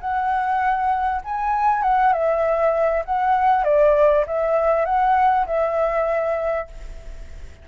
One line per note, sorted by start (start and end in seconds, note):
0.00 1.21 F#5
1.24 1.82 G#5
1.82 2.12 F#5
2.13 3.04 E5
3.05 3.64 F#5
3.64 4.24 D5
4.26 4.85 E5
4.85 5.45 F#5
5.46 6.67 E5